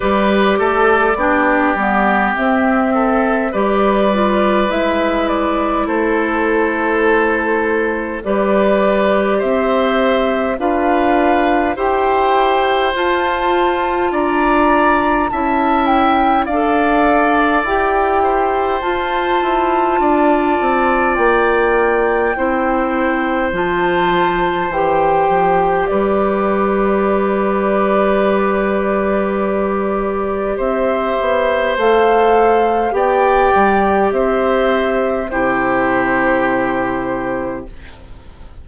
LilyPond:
<<
  \new Staff \with { instrumentName = "flute" } { \time 4/4 \tempo 4 = 51 d''2 e''4 d''4 | e''8 d''8 c''2 d''4 | e''4 f''4 g''4 a''4 | ais''4 a''8 g''8 f''4 g''4 |
a''2 g''2 | a''4 g''4 d''2~ | d''2 e''4 f''4 | g''4 e''4 c''2 | }
  \new Staff \with { instrumentName = "oboe" } { \time 4/4 b'8 a'8 g'4. a'8 b'4~ | b'4 a'2 b'4 | c''4 b'4 c''2 | d''4 e''4 d''4. c''8~ |
c''4 d''2 c''4~ | c''2 b'2~ | b'2 c''2 | d''4 c''4 g'2 | }
  \new Staff \with { instrumentName = "clarinet" } { \time 4/4 g'4 d'8 b8 c'4 g'8 f'8 | e'2. g'4~ | g'4 f'4 g'4 f'4~ | f'4 e'4 a'4 g'4 |
f'2. e'4 | f'4 g'2.~ | g'2. a'4 | g'2 e'2 | }
  \new Staff \with { instrumentName = "bassoon" } { \time 4/4 g8 a8 b8 g8 c'4 g4 | gis4 a2 g4 | c'4 d'4 e'4 f'4 | d'4 cis'4 d'4 e'4 |
f'8 e'8 d'8 c'8 ais4 c'4 | f4 e8 f8 g2~ | g2 c'8 b8 a4 | b8 g8 c'4 c2 | }
>>